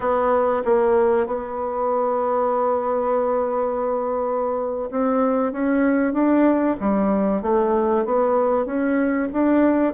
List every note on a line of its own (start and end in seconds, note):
0.00 0.63 B3
0.65 1.26 A#3
1.26 4.89 B3
4.91 5.52 C4
5.52 6.13 C#4
6.13 6.76 D4
6.80 7.42 G3
7.42 8.05 A3
8.05 8.65 B3
8.65 9.28 C#4
9.32 9.93 D4